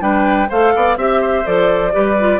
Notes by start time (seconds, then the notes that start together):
0.00 G3 D4 B4 G5
0.48 A3 A4 C5 F5
0.75 B3 D5
0.96 C4 G4 E5
1.21 C5
1.44 F3 A4 D5
1.92 G3 G4 B4
2.19 F4